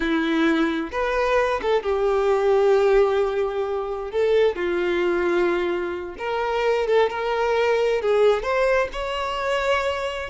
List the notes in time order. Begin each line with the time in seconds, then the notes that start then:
0.00 E4
0.91 B4
1.62 A4
1.83 G4
4.11 A4
4.55 F4
6.18 A#4
6.87 A4
7.10 A#4
8.01 G#4
8.42 C5
8.92 C#5